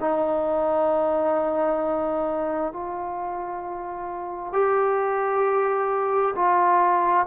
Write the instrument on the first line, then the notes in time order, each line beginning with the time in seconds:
trombone
0.00 D#4
2.72 F4
4.52 G4
6.35 F4